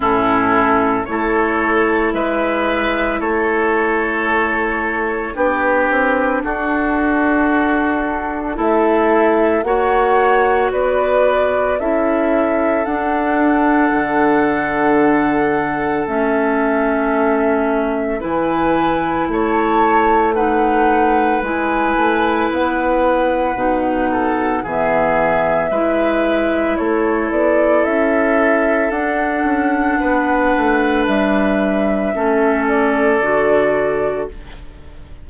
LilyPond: <<
  \new Staff \with { instrumentName = "flute" } { \time 4/4 \tempo 4 = 56 a'4 cis''4 e''4 cis''4~ | cis''4 b'4 a'2 | e''4 fis''4 d''4 e''4 | fis''2. e''4~ |
e''4 gis''4 a''4 fis''4 | gis''4 fis''2 e''4~ | e''4 cis''8 d''8 e''4 fis''4~ | fis''4 e''4. d''4. | }
  \new Staff \with { instrumentName = "oboe" } { \time 4/4 e'4 a'4 b'4 a'4~ | a'4 g'4 fis'2 | a'4 cis''4 b'4 a'4~ | a'1~ |
a'4 b'4 cis''4 b'4~ | b'2~ b'8 a'8 gis'4 | b'4 a'2. | b'2 a'2 | }
  \new Staff \with { instrumentName = "clarinet" } { \time 4/4 cis'4 e'2.~ | e'4 d'2. | e'4 fis'2 e'4 | d'2. cis'4~ |
cis'4 e'2 dis'4 | e'2 dis'4 b4 | e'2. d'4~ | d'2 cis'4 fis'4 | }
  \new Staff \with { instrumentName = "bassoon" } { \time 4/4 a,4 a4 gis4 a4~ | a4 b8 c'8 d'2 | a4 ais4 b4 cis'4 | d'4 d2 a4~ |
a4 e4 a2 | gis8 a8 b4 b,4 e4 | gis4 a8 b8 cis'4 d'8 cis'8 | b8 a8 g4 a4 d4 | }
>>